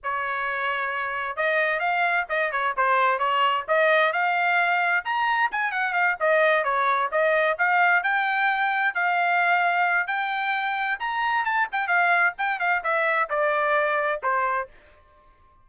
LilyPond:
\new Staff \with { instrumentName = "trumpet" } { \time 4/4 \tempo 4 = 131 cis''2. dis''4 | f''4 dis''8 cis''8 c''4 cis''4 | dis''4 f''2 ais''4 | gis''8 fis''8 f''8 dis''4 cis''4 dis''8~ |
dis''8 f''4 g''2 f''8~ | f''2 g''2 | ais''4 a''8 g''8 f''4 g''8 f''8 | e''4 d''2 c''4 | }